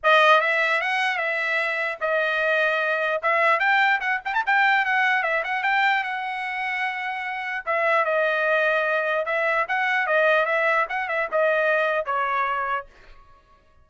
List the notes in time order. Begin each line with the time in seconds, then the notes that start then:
0.03 D#5
0.40 E5
0.81 F#5
1.17 E5
2.01 D#5
3.22 E5
3.59 G5
4.00 F#5
4.25 G5
4.33 A5
4.46 G5
4.85 F#5
5.23 E5
5.44 F#5
5.63 G5
6.03 F#5
7.65 E5
8.04 D#5
9.25 E5
9.68 F#5
10.06 D#5
10.45 E5
10.89 F#5
11.08 E5
11.31 D#5
12.05 C#5